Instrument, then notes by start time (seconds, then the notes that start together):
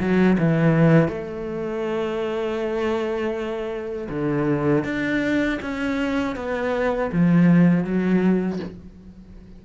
cello
0.00 F#3
0.39 E3
1.09 A3
4.10 D3
4.85 D4
5.62 C#4
6.36 B3
7.12 F3
7.85 F#3